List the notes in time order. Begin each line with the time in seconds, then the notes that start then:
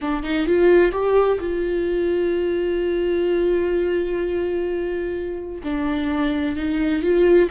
0.01 D4
0.23 D#4
0.46 F4
0.92 G4
1.40 F4
5.63 D4
6.56 D#4
7.02 F4